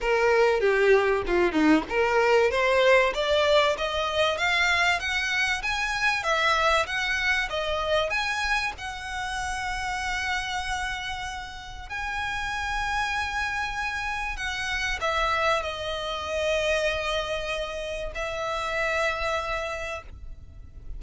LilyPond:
\new Staff \with { instrumentName = "violin" } { \time 4/4 \tempo 4 = 96 ais'4 g'4 f'8 dis'8 ais'4 | c''4 d''4 dis''4 f''4 | fis''4 gis''4 e''4 fis''4 | dis''4 gis''4 fis''2~ |
fis''2. gis''4~ | gis''2. fis''4 | e''4 dis''2.~ | dis''4 e''2. | }